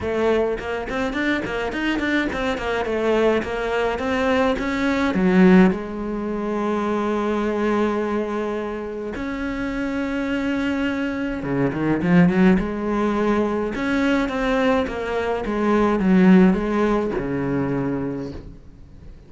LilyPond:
\new Staff \with { instrumentName = "cello" } { \time 4/4 \tempo 4 = 105 a4 ais8 c'8 d'8 ais8 dis'8 d'8 | c'8 ais8 a4 ais4 c'4 | cis'4 fis4 gis2~ | gis1 |
cis'1 | cis8 dis8 f8 fis8 gis2 | cis'4 c'4 ais4 gis4 | fis4 gis4 cis2 | }